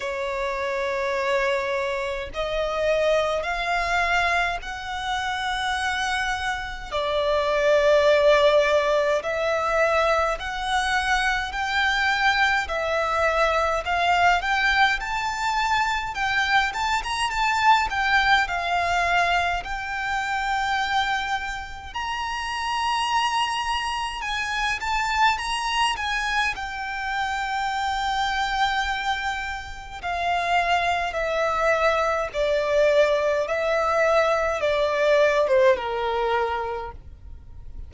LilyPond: \new Staff \with { instrumentName = "violin" } { \time 4/4 \tempo 4 = 52 cis''2 dis''4 f''4 | fis''2 d''2 | e''4 fis''4 g''4 e''4 | f''8 g''8 a''4 g''8 a''16 ais''16 a''8 g''8 |
f''4 g''2 ais''4~ | ais''4 gis''8 a''8 ais''8 gis''8 g''4~ | g''2 f''4 e''4 | d''4 e''4 d''8. c''16 ais'4 | }